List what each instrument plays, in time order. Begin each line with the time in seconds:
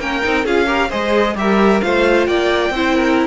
0.00 cello A#3, viola C#4, violin A#4 G5
0.23 cello C4, viola D#4
0.45 cello C#4, viola F4, violin G#4 F5
0.66 viola G4, violin A#4
0.89 cello G#3, viola G#4, violin C5 D#5
1.36 cello G3, viola G4, violin A#4 E5
1.82 cello A3, viola F4, violin C5 F5
2.27 cello A#3, violin D5 G5
2.71 cello C4, viola E4, violin C5
2.96 violin A#4